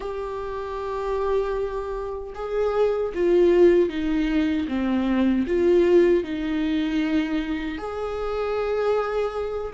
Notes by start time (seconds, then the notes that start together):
0.00 G4
2.34 G#4
3.14 F4
3.89 D#4
4.68 C4
5.46 F4
6.23 D#4
7.78 G#4